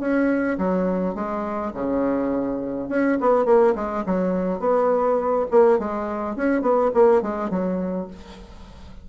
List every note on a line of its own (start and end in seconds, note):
0.00 0.58 C#4
0.58 1.15 F#3
1.15 1.72 G#3
1.74 2.89 C#3
2.89 3.18 C#4
3.20 3.45 B3
3.45 3.74 A#3
3.75 4.04 G#3
4.06 4.59 F#3
4.59 5.46 B3
5.51 5.79 A#3
5.79 6.36 G#3
6.36 6.62 C#4
6.62 6.90 B3
6.94 7.22 A#3
7.22 7.50 G#3
7.50 8.07 F#3